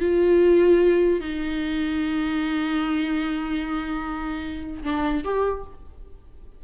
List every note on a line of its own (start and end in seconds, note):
0.00 1.21 F4
1.21 4.83 D#4
4.84 5.24 D4
5.24 5.64 G4